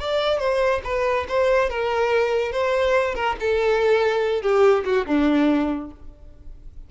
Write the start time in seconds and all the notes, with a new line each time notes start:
0.00 D5
0.39 C5
0.84 B4
1.28 C5
1.70 A#4
2.52 C5
3.15 A#4
3.40 A4
4.42 G4
4.85 F#4
5.06 D4